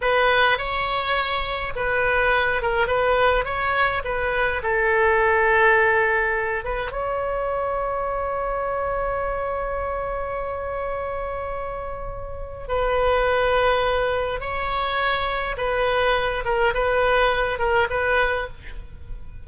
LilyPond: \new Staff \with { instrumentName = "oboe" } { \time 4/4 \tempo 4 = 104 b'4 cis''2 b'4~ | b'8 ais'8 b'4 cis''4 b'4 | a'2.~ a'8 b'8 | cis''1~ |
cis''1~ | cis''2 b'2~ | b'4 cis''2 b'4~ | b'8 ais'8 b'4. ais'8 b'4 | }